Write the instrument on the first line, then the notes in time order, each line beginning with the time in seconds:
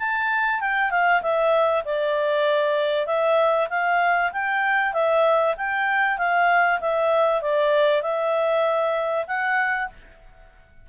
clarinet
0.00 A5
0.61 G5
0.91 F5
1.22 E5
1.86 D5
3.07 E5
3.70 F5
4.33 G5
4.94 E5
5.58 G5
6.19 F5
6.81 E5
7.42 D5
8.02 E5
9.28 F#5